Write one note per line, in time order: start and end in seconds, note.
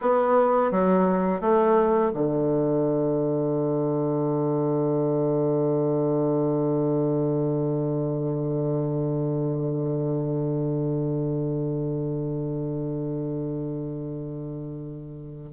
0.01 0.71 B3
0.71 1.41 F#3
1.41 2.11 A3
2.13 15.52 D3